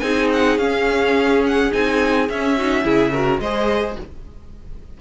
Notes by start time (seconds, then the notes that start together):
0.00 C4 D#4 G#4 G#5
0.33 F#5
0.58 C#4 F5
1.46 F#5
1.72 C4 D#4 G#5
2.29 C#4 E5
2.57 D#4 F#4
2.83 C#3 E4 G#4
3.12 F#4 A#4
3.39 G#3 G#4 C5 D#5